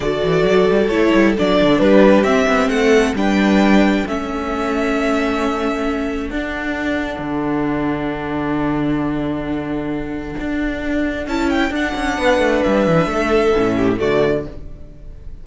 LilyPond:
<<
  \new Staff \with { instrumentName = "violin" } { \time 4/4 \tempo 4 = 133 d''2 cis''4 d''4 | b'4 e''4 fis''4 g''4~ | g''4 e''2.~ | e''2 fis''2~ |
fis''1~ | fis''1~ | fis''4 a''8 g''8 fis''2 | e''2. d''4 | }
  \new Staff \with { instrumentName = "violin" } { \time 4/4 a'1 | g'2 a'4 b'4~ | b'4 a'2.~ | a'1~ |
a'1~ | a'1~ | a'2. b'4~ | b'4 a'4. g'8 fis'4 | }
  \new Staff \with { instrumentName = "viola" } { \time 4/4 fis'2 e'4 d'4~ | d'4 c'2 d'4~ | d'4 cis'2.~ | cis'2 d'2~ |
d'1~ | d'1~ | d'4 e'4 d'2~ | d'2 cis'4 a4 | }
  \new Staff \with { instrumentName = "cello" } { \time 4/4 d8 e8 fis8 g8 a8 g8 fis8 d8 | g4 c'8 b8 a4 g4~ | g4 a2.~ | a2 d'2 |
d1~ | d2. d'4~ | d'4 cis'4 d'8 cis'8 b8 a8 | g8 e8 a4 a,4 d4 | }
>>